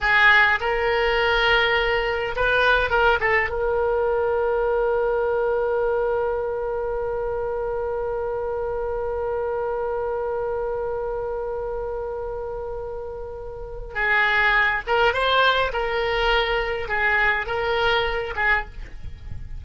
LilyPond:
\new Staff \with { instrumentName = "oboe" } { \time 4/4 \tempo 4 = 103 gis'4 ais'2. | b'4 ais'8 a'8 ais'2~ | ais'1~ | ais'1~ |
ais'1~ | ais'1 | gis'4. ais'8 c''4 ais'4~ | ais'4 gis'4 ais'4. gis'8 | }